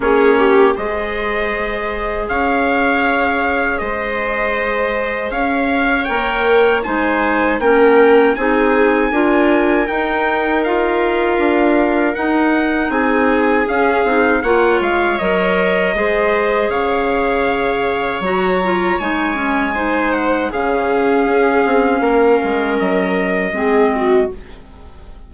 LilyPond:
<<
  \new Staff \with { instrumentName = "trumpet" } { \time 4/4 \tempo 4 = 79 cis''4 dis''2 f''4~ | f''4 dis''2 f''4 | g''4 gis''4 g''4 gis''4~ | gis''4 g''4 f''2 |
fis''4 gis''4 f''4 fis''8 f''8 | dis''2 f''2 | ais''4 gis''4. fis''8 f''4~ | f''2 dis''2 | }
  \new Staff \with { instrumentName = "viola" } { \time 4/4 gis'8 g'8 c''2 cis''4~ | cis''4 c''2 cis''4~ | cis''4 c''4 ais'4 gis'4 | ais'1~ |
ais'4 gis'2 cis''4~ | cis''4 c''4 cis''2~ | cis''2 c''4 gis'4~ | gis'4 ais'2 gis'8 fis'8 | }
  \new Staff \with { instrumentName = "clarinet" } { \time 4/4 cis'4 gis'2.~ | gis'1 | ais'4 dis'4 cis'4 dis'4 | f'4 dis'4 f'2 |
dis'2 cis'8 dis'8 f'4 | ais'4 gis'2. | fis'8 f'8 dis'8 cis'8 dis'4 cis'4~ | cis'2. c'4 | }
  \new Staff \with { instrumentName = "bassoon" } { \time 4/4 ais4 gis2 cis'4~ | cis'4 gis2 cis'4 | ais4 gis4 ais4 c'4 | d'4 dis'2 d'4 |
dis'4 c'4 cis'8 c'8 ais8 gis8 | fis4 gis4 cis2 | fis4 gis2 cis4 | cis'8 c'8 ais8 gis8 fis4 gis4 | }
>>